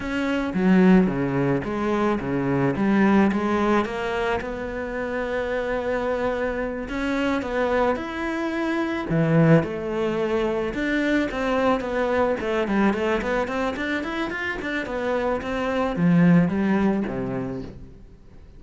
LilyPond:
\new Staff \with { instrumentName = "cello" } { \time 4/4 \tempo 4 = 109 cis'4 fis4 cis4 gis4 | cis4 g4 gis4 ais4 | b1~ | b8 cis'4 b4 e'4.~ |
e'8 e4 a2 d'8~ | d'8 c'4 b4 a8 g8 a8 | b8 c'8 d'8 e'8 f'8 d'8 b4 | c'4 f4 g4 c4 | }